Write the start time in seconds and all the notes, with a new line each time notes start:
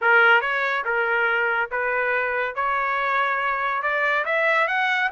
0.01 A#4
0.41 C#5
0.84 A#4
1.71 B4
2.55 C#5
3.82 D5
4.25 E5
4.67 F#5